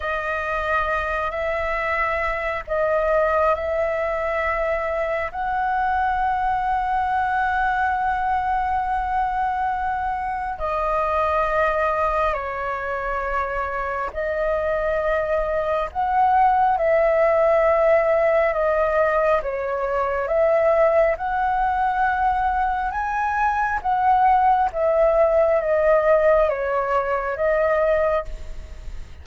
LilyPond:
\new Staff \with { instrumentName = "flute" } { \time 4/4 \tempo 4 = 68 dis''4. e''4. dis''4 | e''2 fis''2~ | fis''1 | dis''2 cis''2 |
dis''2 fis''4 e''4~ | e''4 dis''4 cis''4 e''4 | fis''2 gis''4 fis''4 | e''4 dis''4 cis''4 dis''4 | }